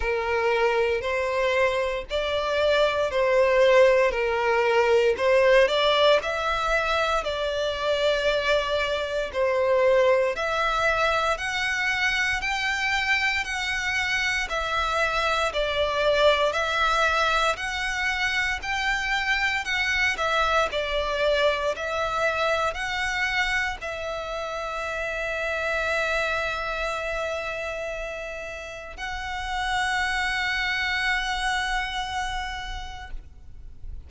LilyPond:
\new Staff \with { instrumentName = "violin" } { \time 4/4 \tempo 4 = 58 ais'4 c''4 d''4 c''4 | ais'4 c''8 d''8 e''4 d''4~ | d''4 c''4 e''4 fis''4 | g''4 fis''4 e''4 d''4 |
e''4 fis''4 g''4 fis''8 e''8 | d''4 e''4 fis''4 e''4~ | e''1 | fis''1 | }